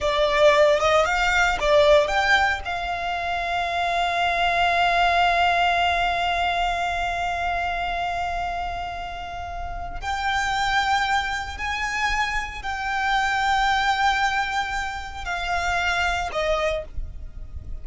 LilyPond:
\new Staff \with { instrumentName = "violin" } { \time 4/4 \tempo 4 = 114 d''4. dis''8 f''4 d''4 | g''4 f''2.~ | f''1~ | f''1~ |
f''2. g''4~ | g''2 gis''2 | g''1~ | g''4 f''2 dis''4 | }